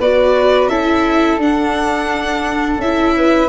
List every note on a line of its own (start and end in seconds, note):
0.00 0.68 B3
0.00 0.70 F#4
0.00 0.70 B4
0.00 0.68 D5
0.68 1.38 C#4
0.68 1.40 E4
0.68 3.14 A4
0.68 1.38 E5
1.38 2.77 D4
1.38 2.81 D4
1.38 2.81 F#5
2.78 3.48 C#4
2.78 3.49 E4
2.78 3.49 E5
3.17 3.49 B4